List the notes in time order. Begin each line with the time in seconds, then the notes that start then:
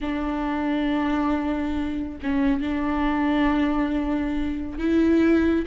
0.01 D4
2.22 C#4
2.61 D4
4.78 E4